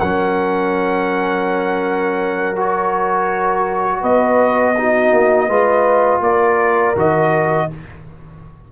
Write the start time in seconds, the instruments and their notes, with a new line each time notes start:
0.00 tuba F#3, trombone C#4, horn A#4, trumpet F#5
2.56 trombone F#4, trumpet C#5
4.01 tuba B3, horn B4, trumpet D#5
4.77 trombone D#4, horn F#4
5.12 tuba A#3
5.48 tuba G#3, trombone F4, horn B4
6.20 tuba A#3, horn A#4, trumpet D5
6.96 tuba D#3, trombone F#4, trumpet D#5